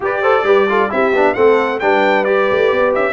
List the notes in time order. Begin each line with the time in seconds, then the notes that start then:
0.00 G4 B4 D5
0.21 A4 C5
0.43 G3 G4 B4
0.69 F4 A4
0.89 C4 E4 G4 E5
1.12 B3 D4
1.33 A3 C4 A4 F#5
1.79 G3 D4 B4 G5
2.24 G4 D5
2.51 A3
2.71 B3
2.94 C#4 E5